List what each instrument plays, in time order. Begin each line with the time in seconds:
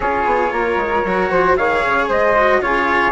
0.00 bassoon C#4, cello F4, flute G#4, trumpet C#5
0.25 bassoon B3
0.51 bassoon A#3, flute A#4
0.76 bassoon G#3
1.04 bassoon F#3, cello F#4
1.30 bassoon F3, flute C5
1.56 bassoon D#3, cello G#4, flute C#5, trumpet F5
1.85 bassoon C#3
2.08 bassoon G#3, flute C5, trumpet D#5
2.35 cello F#4
2.60 bassoon C#3, cello F4, flute G#4, trumpet C#5